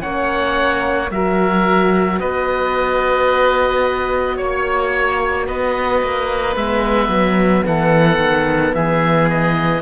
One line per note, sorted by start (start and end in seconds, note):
0.00 1.10 A#3
0.00 1.09 C#4
0.00 1.11 C#5
0.00 1.10 F#5
1.10 2.20 F#3
1.10 6.57 F#4
1.10 2.20 A#4
1.10 2.20 E5
2.20 4.39 B3
2.20 4.37 B4
2.20 4.38 D#5
4.37 5.48 A#3
4.37 5.46 C#5
4.37 5.47 C#5
5.47 6.02 B3
5.47 7.65 B4
5.47 6.56 D#5
6.02 6.56 A#3
6.56 7.08 G#3
6.56 9.82 B3
6.56 7.65 E5
7.08 7.63 F#3
7.66 8.18 E3
7.66 8.76 A4
7.66 8.74 F#5
8.18 8.73 D#3
8.74 9.82 E3
8.74 9.82 G#4
8.74 9.29 E5
9.29 9.82 D#5